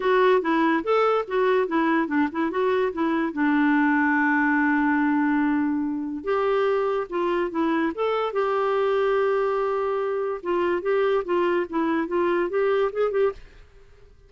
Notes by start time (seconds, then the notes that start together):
0.00 F#4
0.41 E4
0.83 A4
1.27 F#4
1.67 E4
2.07 D4
2.31 E4
2.50 F#4
2.92 E4
3.32 D4
6.24 G4
7.09 F4
7.50 E4
7.95 A4
8.32 G4
10.42 F4
10.82 G4
11.24 F4
11.69 E4
12.07 F4
12.49 G4
12.92 G#4
13.11 G4